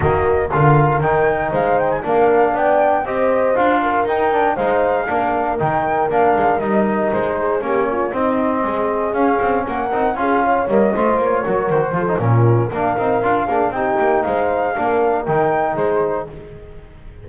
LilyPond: <<
  \new Staff \with { instrumentName = "flute" } { \time 4/4 \tempo 4 = 118 dis''4 f''4 g''4 f''8 g''16 gis''16 | f''4 g''4 dis''4 f''4 | g''4 f''2 g''4 | f''4 dis''4 c''4 cis''4 |
dis''2 f''4 fis''4 | f''4 dis''4 cis''4 c''4 | ais'4 f''2 g''4 | f''2 g''4 c''4 | }
  \new Staff \with { instrumentName = "horn" } { \time 4/4 fis'4 ais'2 c''4 | ais'4 d''4 c''4. ais'8~ | ais'4 c''4 ais'2~ | ais'2~ ais'8 gis'8 g'8 f'8 |
dis'4 gis'2 ais'4 | gis'8 cis''4 c''4 ais'4 a'8 | f'4 ais'4. gis'8 g'4 | c''4 ais'2 gis'4 | }
  \new Staff \with { instrumentName = "trombone" } { \time 4/4 ais4 f'4 dis'2 | d'2 g'4 f'4 | dis'8 d'8 dis'4 d'4 dis'4 | d'4 dis'2 cis'4 |
c'2 cis'4. dis'8 | f'4 ais8 f'4 fis'4 f'16 dis'16 | cis'4 d'8 dis'8 f'8 d'8 dis'4~ | dis'4 d'4 dis'2 | }
  \new Staff \with { instrumentName = "double bass" } { \time 4/4 dis4 d4 dis4 gis4 | ais4 b4 c'4 d'4 | dis'4 gis4 ais4 dis4 | ais8 gis8 g4 gis4 ais4 |
c'4 gis4 cis'8 c'8 ais8 c'8 | cis'4 g8 a8 ais8 fis8 dis8 f8 | ais,4 ais8 c'8 d'8 ais8 c'8 ais8 | gis4 ais4 dis4 gis4 | }
>>